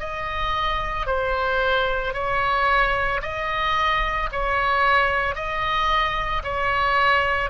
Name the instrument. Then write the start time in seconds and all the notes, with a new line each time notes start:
oboe
0.00 D#5
1.07 C5
2.14 C#5
3.23 D#5
4.32 C#5
5.36 D#5
6.44 C#5